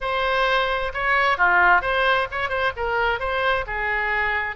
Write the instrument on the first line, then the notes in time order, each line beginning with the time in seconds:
oboe
0.00 C5
0.93 C#5
1.37 F4
1.81 C5
2.31 C#5
2.49 C5
2.76 A#4
3.19 C5
3.66 G#4